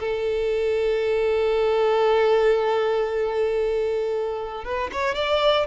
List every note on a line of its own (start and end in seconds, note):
0.00 4.65 A4
4.65 4.91 B4
4.93 5.15 C#5
5.15 5.67 D5